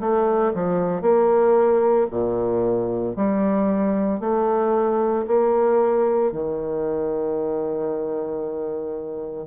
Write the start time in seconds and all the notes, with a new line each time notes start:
0.00 A3
0.54 F3
1.02 A#3
2.11 A#2
3.16 G3
4.20 A3
5.27 A#3
6.32 D#3